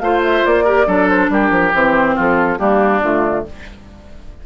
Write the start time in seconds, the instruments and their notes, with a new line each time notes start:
0.00 bassoon A3, clarinet F4, oboe C5, flute F5
0.25 flute E5
0.46 bassoon A#3, flute D5
0.65 clarinet G4, oboe A#4
0.87 bassoon F#3, clarinet D4, oboe A4
1.09 flute C5
1.29 bassoon G3, oboe G4, flute A#4
1.51 bassoon F3
1.74 bassoon E3, clarinet C4, flute C5
2.16 bassoon F3, oboe F4, flute A4
2.59 bassoon G3, clarinet A#3, oboe D4, flute G4
3.03 bassoon D3, clarinet A3, flute F4